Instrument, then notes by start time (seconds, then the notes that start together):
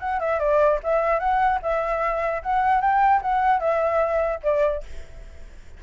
flute
0.00 F#5
0.20 E5
0.40 D5
0.83 E5
1.20 F#5
1.62 E5
2.43 F#5
2.81 G5
3.22 F#5
3.60 E5
4.43 D5